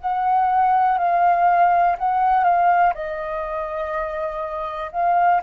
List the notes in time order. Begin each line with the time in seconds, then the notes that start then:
0.00 F#5
0.98 F5
1.99 F#5
2.44 F5
2.94 D#5
4.92 F5